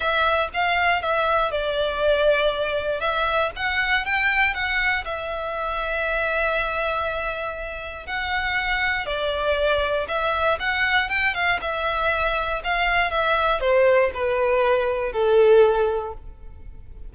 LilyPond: \new Staff \with { instrumentName = "violin" } { \time 4/4 \tempo 4 = 119 e''4 f''4 e''4 d''4~ | d''2 e''4 fis''4 | g''4 fis''4 e''2~ | e''1 |
fis''2 d''2 | e''4 fis''4 g''8 f''8 e''4~ | e''4 f''4 e''4 c''4 | b'2 a'2 | }